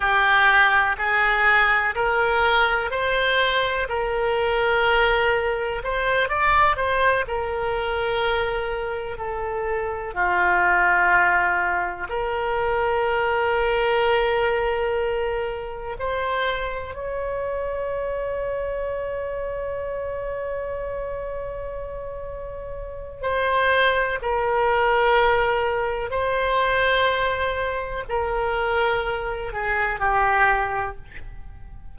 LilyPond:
\new Staff \with { instrumentName = "oboe" } { \time 4/4 \tempo 4 = 62 g'4 gis'4 ais'4 c''4 | ais'2 c''8 d''8 c''8 ais'8~ | ais'4. a'4 f'4.~ | f'8 ais'2.~ ais'8~ |
ais'8 c''4 cis''2~ cis''8~ | cis''1 | c''4 ais'2 c''4~ | c''4 ais'4. gis'8 g'4 | }